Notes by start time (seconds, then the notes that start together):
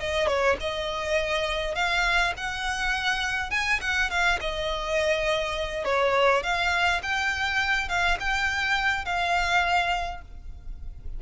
0.00 D#5
0.28 C#5
0.61 D#5
1.75 F5
2.37 F#5
3.51 G#5
3.81 F#5
4.10 F5
4.41 D#5
5.85 C#5
6.43 F5
7.03 G5
7.89 F5
8.20 G5
9.05 F5